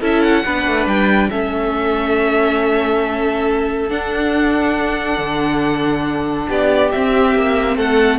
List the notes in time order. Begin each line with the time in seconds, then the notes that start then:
0.00 C#4 E4 A4 E5
0.22 F#5
0.45 B3 D4 B4
0.66 A3
0.86 G3 G5
1.29 A3 C#4 A4 E5
3.89 D4 F#5
5.18 D3
6.48 B3 G4 D5
6.91 C4 E5
7.35 A#3
7.76 A3 A4 F#5